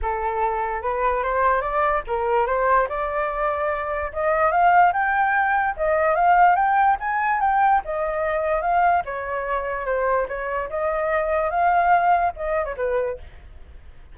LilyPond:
\new Staff \with { instrumentName = "flute" } { \time 4/4 \tempo 4 = 146 a'2 b'4 c''4 | d''4 ais'4 c''4 d''4~ | d''2 dis''4 f''4 | g''2 dis''4 f''4 |
g''4 gis''4 g''4 dis''4~ | dis''4 f''4 cis''2 | c''4 cis''4 dis''2 | f''2 dis''8. cis''16 b'4 | }